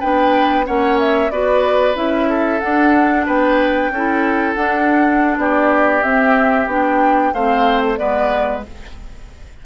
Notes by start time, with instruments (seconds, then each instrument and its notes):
0.00 bassoon B3, clarinet D4, oboe B4, flute G5
0.65 bassoon A#3, clarinet C#4, oboe C#5, flute F#5
0.99 flute E5
1.31 bassoon B3, clarinet F#4, oboe B4, flute D5
1.94 bassoon C#4, clarinet E4, flute E5
2.29 oboe A4
2.60 clarinet D4, bassoon D4, flute F#5
3.26 bassoon B3, oboe B4, flute G5
3.90 bassoon C#4, oboe A4
3.96 clarinet E4
4.54 bassoon D4, clarinet D4, flute F#5
5.37 bassoon B3, oboe G4, flute D5
6.02 clarinet C4, bassoon C4, flute E5
6.67 bassoon B3, clarinet D4, flute G5
7.34 bassoon A3, clarinet C4, oboe C5, flute F5
7.83 flute A4
7.97 bassoon G#3, clarinet B3, oboe B4, flute D5